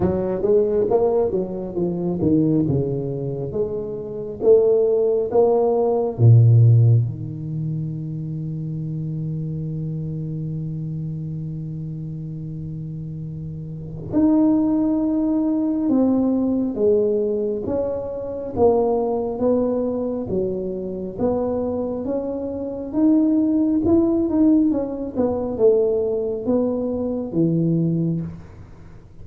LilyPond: \new Staff \with { instrumentName = "tuba" } { \time 4/4 \tempo 4 = 68 fis8 gis8 ais8 fis8 f8 dis8 cis4 | gis4 a4 ais4 ais,4 | dis1~ | dis1 |
dis'2 c'4 gis4 | cis'4 ais4 b4 fis4 | b4 cis'4 dis'4 e'8 dis'8 | cis'8 b8 a4 b4 e4 | }